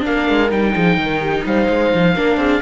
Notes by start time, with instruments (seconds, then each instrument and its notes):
0.00 viola D4, horn A#4, oboe F5
0.07 cello A#3
0.29 cello G#3
0.51 cello G3, viola D#4, oboe G5
0.74 cello F3, horn G#4
0.97 cello D#3, horn A#4
1.21 horn G4
1.46 cello G3, horn C5, oboe F5
1.69 cello G#3
1.94 cello F3
2.15 cello A#3, viola D4, horn A#4
2.37 cello C4, horn G#4